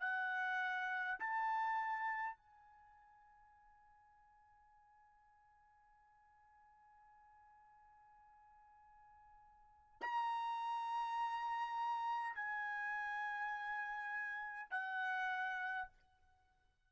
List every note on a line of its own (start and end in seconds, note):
0.00 1.18 F#5
1.19 2.36 A5
2.36 10.01 G#5
10.01 12.35 A#5
12.35 14.71 G#5
14.71 15.88 F#5